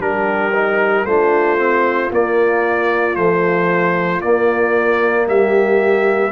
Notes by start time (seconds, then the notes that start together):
0.00 G3 D4 G4 A#4
0.54 D#4
1.05 A3 D4 F4 C5
1.58 C4
2.11 A#3 D5
3.16 F3 A3 C5
4.21 A#3 D5
5.27 G3 G4 E5